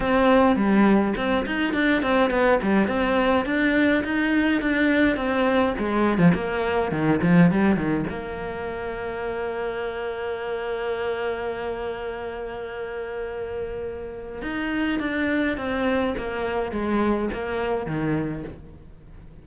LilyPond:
\new Staff \with { instrumentName = "cello" } { \time 4/4 \tempo 4 = 104 c'4 g4 c'8 dis'8 d'8 c'8 | b8 g8 c'4 d'4 dis'4 | d'4 c'4 gis8. f16 ais4 | dis8 f8 g8 dis8 ais2~ |
ais1~ | ais1~ | ais4 dis'4 d'4 c'4 | ais4 gis4 ais4 dis4 | }